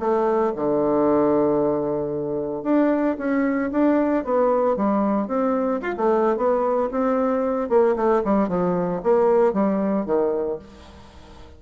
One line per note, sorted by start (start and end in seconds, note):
0.00 0.53 A3
0.56 2.64 D3
2.64 3.17 D4
3.18 3.71 C#4
3.72 4.25 D4
4.25 4.77 B3
4.77 5.28 G3
5.28 5.81 C4
5.82 5.95 F4
5.98 6.37 A3
6.37 6.91 B3
6.92 7.70 C4
7.70 7.96 A#3
7.96 8.23 A3
8.25 8.49 G3
8.49 9.02 F3
9.04 9.54 A#3
9.54 10.06 G3
10.06 10.59 D#3